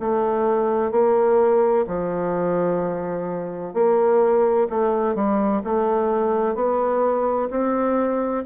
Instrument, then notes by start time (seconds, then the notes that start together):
bassoon
0.00 A3
0.92 A#3
1.87 F3
3.74 A#3
4.70 A3
5.15 G3
5.65 A3
6.55 B3
7.50 C4